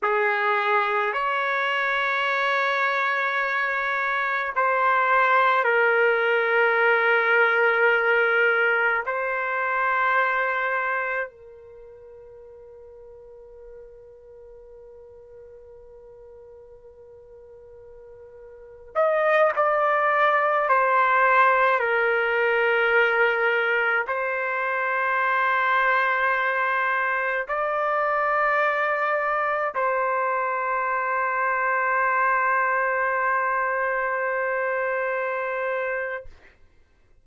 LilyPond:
\new Staff \with { instrumentName = "trumpet" } { \time 4/4 \tempo 4 = 53 gis'4 cis''2. | c''4 ais'2. | c''2 ais'2~ | ais'1~ |
ais'8. dis''8 d''4 c''4 ais'8.~ | ais'4~ ais'16 c''2~ c''8.~ | c''16 d''2 c''4.~ c''16~ | c''1 | }